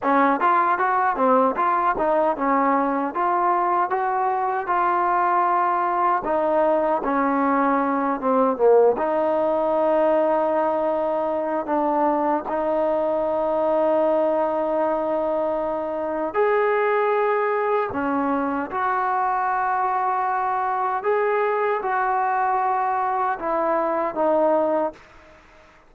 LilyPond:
\new Staff \with { instrumentName = "trombone" } { \time 4/4 \tempo 4 = 77 cis'8 f'8 fis'8 c'8 f'8 dis'8 cis'4 | f'4 fis'4 f'2 | dis'4 cis'4. c'8 ais8 dis'8~ | dis'2. d'4 |
dis'1~ | dis'4 gis'2 cis'4 | fis'2. gis'4 | fis'2 e'4 dis'4 | }